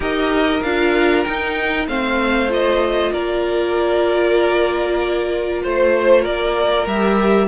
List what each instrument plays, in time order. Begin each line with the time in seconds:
0.00 cello D#4, viola G4, violin A#4 D#5
0.62 cello D4, viola F4, violin F5
1.23 viola D#4, cello D#4, violin G5
1.87 cello A3, viola C4, violin C5 F5
2.49 viola F4, violin D#5
3.12 cello A#3, violin A#4 D5
5.62 cello A3, violin C5
6.22 cello A#3, violin A#4 D5
6.86 cello G3, viola G4, violin E5